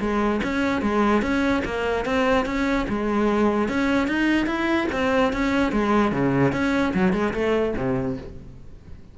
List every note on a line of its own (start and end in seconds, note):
0.00 0.41 G#3
0.43 0.82 C#4
0.82 1.22 G#3
1.22 1.63 C#4
1.65 2.05 A#3
2.05 2.45 C4
2.45 2.86 C#4
2.89 3.69 G#3
3.69 4.07 C#4
4.07 4.46 D#4
4.46 4.87 E4
4.92 5.33 C4
5.33 5.72 C#4
5.72 6.12 G#3
6.12 6.53 C#3
6.53 6.93 C#4
6.94 7.13 F#3
7.13 7.33 G#3
7.34 7.74 A3
7.76 8.17 C3